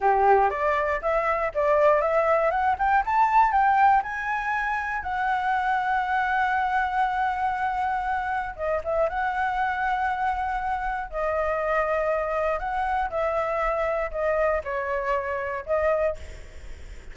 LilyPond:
\new Staff \with { instrumentName = "flute" } { \time 4/4 \tempo 4 = 119 g'4 d''4 e''4 d''4 | e''4 fis''8 g''8 a''4 g''4 | gis''2 fis''2~ | fis''1~ |
fis''4 dis''8 e''8 fis''2~ | fis''2 dis''2~ | dis''4 fis''4 e''2 | dis''4 cis''2 dis''4 | }